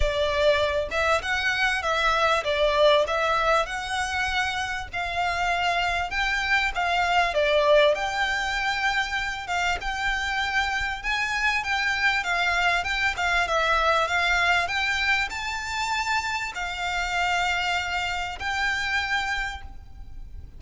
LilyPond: \new Staff \with { instrumentName = "violin" } { \time 4/4 \tempo 4 = 98 d''4. e''8 fis''4 e''4 | d''4 e''4 fis''2 | f''2 g''4 f''4 | d''4 g''2~ g''8 f''8 |
g''2 gis''4 g''4 | f''4 g''8 f''8 e''4 f''4 | g''4 a''2 f''4~ | f''2 g''2 | }